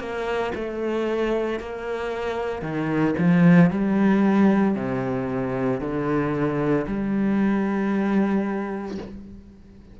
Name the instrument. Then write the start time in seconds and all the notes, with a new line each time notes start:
cello
0.00 A#3
0.55 A3
1.60 A#3
2.62 D#3
3.18 F3
3.71 G3
4.76 C3
5.81 D3
6.88 G3